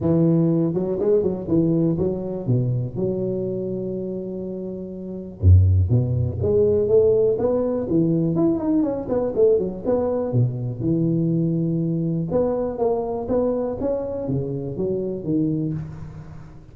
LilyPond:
\new Staff \with { instrumentName = "tuba" } { \time 4/4 \tempo 4 = 122 e4. fis8 gis8 fis8 e4 | fis4 b,4 fis2~ | fis2. fis,4 | b,4 gis4 a4 b4 |
e4 e'8 dis'8 cis'8 b8 a8 fis8 | b4 b,4 e2~ | e4 b4 ais4 b4 | cis'4 cis4 fis4 dis4 | }